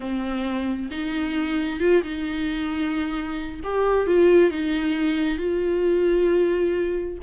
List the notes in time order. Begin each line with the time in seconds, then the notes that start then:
0.00 C4
0.90 D#4
1.79 F4
2.03 D#4
3.63 G4
4.06 F4
4.50 D#4
5.38 F4